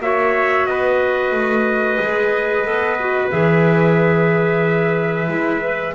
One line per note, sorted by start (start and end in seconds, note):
0.00 0.66 A#3
0.00 1.99 F#4
0.00 0.69 C#5
0.00 0.66 E5
0.66 1.32 B3
0.66 5.95 B4
0.66 3.30 D#5
1.32 1.98 A3
2.00 2.66 G#3
2.00 2.64 G#4
2.64 3.32 B3
2.64 2.97 A4
3.00 3.31 F#4
3.31 5.28 E3
3.31 5.28 G#4
3.31 5.95 E5
5.28 5.94 G#3
5.28 5.61 E4
5.61 5.94 B4